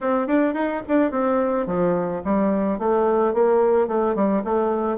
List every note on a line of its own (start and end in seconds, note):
0.00 0.27 C4
0.27 0.54 D4
0.54 0.82 D#4
0.88 1.11 D4
1.11 1.66 C4
1.66 2.21 F3
2.24 2.79 G3
2.79 3.33 A3
3.33 3.87 A#3
3.87 4.15 A3
4.15 4.43 G3
4.44 4.97 A3